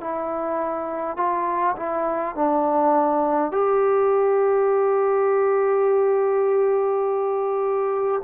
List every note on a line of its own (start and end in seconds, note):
0.00 1.17 E4
1.17 1.75 F4
1.76 2.35 E4
2.35 3.51 D4
3.51 8.22 G4